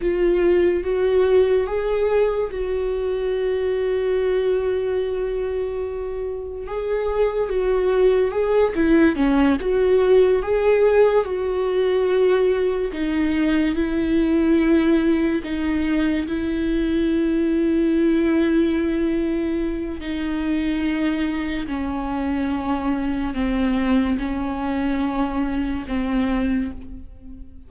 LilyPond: \new Staff \with { instrumentName = "viola" } { \time 4/4 \tempo 4 = 72 f'4 fis'4 gis'4 fis'4~ | fis'1 | gis'4 fis'4 gis'8 e'8 cis'8 fis'8~ | fis'8 gis'4 fis'2 dis'8~ |
dis'8 e'2 dis'4 e'8~ | e'1 | dis'2 cis'2 | c'4 cis'2 c'4 | }